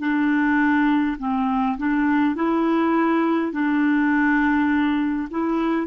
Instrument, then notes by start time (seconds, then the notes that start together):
clarinet
0.00 D4
1.19 C4
1.78 D4
2.36 E4
3.53 D4
5.31 E4